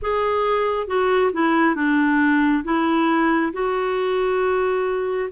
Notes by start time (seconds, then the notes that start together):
0.02 G#4
0.87 F#4
1.32 E4
1.75 D4
2.64 E4
3.53 F#4